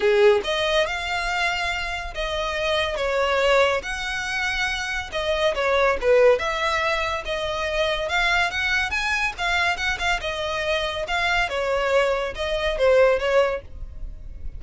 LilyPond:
\new Staff \with { instrumentName = "violin" } { \time 4/4 \tempo 4 = 141 gis'4 dis''4 f''2~ | f''4 dis''2 cis''4~ | cis''4 fis''2. | dis''4 cis''4 b'4 e''4~ |
e''4 dis''2 f''4 | fis''4 gis''4 f''4 fis''8 f''8 | dis''2 f''4 cis''4~ | cis''4 dis''4 c''4 cis''4 | }